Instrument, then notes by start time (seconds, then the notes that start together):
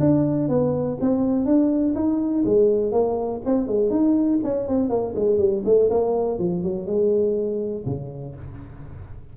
tuba
0.00 D4
0.49 B3
1.01 C4
1.46 D4
1.95 D#4
2.45 G#3
2.92 A#3
3.46 C4
3.68 G#3
3.91 D#4
4.44 C#4
4.68 C4
4.90 A#3
5.16 G#3
5.38 G3
5.65 A3
5.91 A#3
6.39 F3
6.63 F#3
6.87 G#3
7.86 C#3